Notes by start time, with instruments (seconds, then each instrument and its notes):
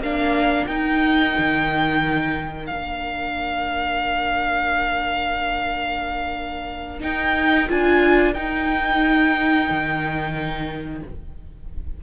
0.00 cello A#3, viola D4, violin A#4 F5
0.67 cello D#4, viola D#4, violin G5
1.39 cello D#3
2.67 cello A#3, viola D4, violin F5
7.01 viola D#4, cello D#4, violin G5
7.68 cello D4, viola F4, violin G#5
8.34 cello D#4, viola D#4, violin G5
9.71 cello D#3